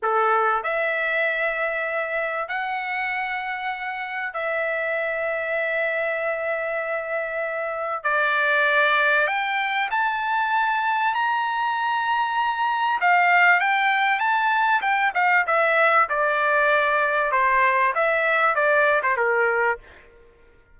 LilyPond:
\new Staff \with { instrumentName = "trumpet" } { \time 4/4 \tempo 4 = 97 a'4 e''2. | fis''2. e''4~ | e''1~ | e''4 d''2 g''4 |
a''2 ais''2~ | ais''4 f''4 g''4 a''4 | g''8 f''8 e''4 d''2 | c''4 e''4 d''8. c''16 ais'4 | }